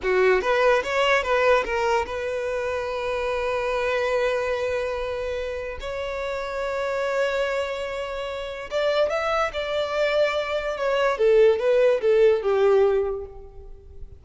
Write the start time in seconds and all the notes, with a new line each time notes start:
0.02 F#4
0.41 B4
0.83 C#5
1.22 B4
1.64 A#4
2.06 B4
5.80 C#5
8.70 D5
9.09 E5
9.53 D5
10.77 C#5
11.17 A4
11.59 B4
12.01 A4
12.42 G4